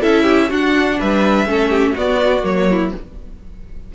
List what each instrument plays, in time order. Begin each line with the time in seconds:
0.00 cello C#4, viola E4, violin A4 E5
0.23 violin G4
0.49 viola D4, cello D4, violin F#4 F#5
0.99 cello G3, violin B4 E5
1.45 cello A3, viola C#4, violin A4
1.70 violin G4
1.93 viola B3, cello B3, violin F#4 D5
2.42 cello F#3, viola A#3, violin C#5
2.70 violin E4